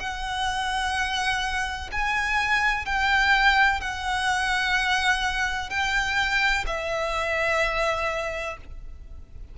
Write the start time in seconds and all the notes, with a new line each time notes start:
0.00 F#5
1.92 G#5
2.86 G5
3.81 F#5
5.70 G5
6.67 E5